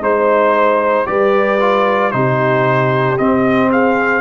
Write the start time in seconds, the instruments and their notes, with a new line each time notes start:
0.00 tuba G#3, trombone D#4, trumpet C5, horn C5
1.05 tuba G3, trombone G4, horn B4, trumpet D5
1.60 trombone F4
2.11 tuba C3, trombone D#4, horn G4, trumpet C5
3.17 trombone C4, tuba C4, trumpet D#5
3.70 horn G#4, trumpet F5